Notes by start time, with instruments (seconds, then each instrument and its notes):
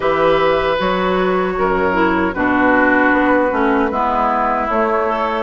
0.00 bassoon E3, clarinet G4, oboe B4, flute E5
0.78 bassoon F#3, clarinet F#4, flute C#5
1.57 bassoon F#2, oboe A#4
1.92 clarinet E4
2.34 bassoon B2, clarinet D4, oboe F#4, flute B4
3.12 bassoon B3
3.50 bassoon A3, clarinet C#4
3.90 bassoon G#3, clarinet B3, oboe E4
4.68 bassoon A3, clarinet A3, flute C#5
5.07 clarinet A4